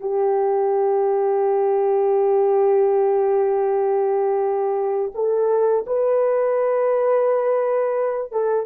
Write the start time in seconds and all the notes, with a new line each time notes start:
0.00 G4
5.14 A4
5.87 B4
8.32 A4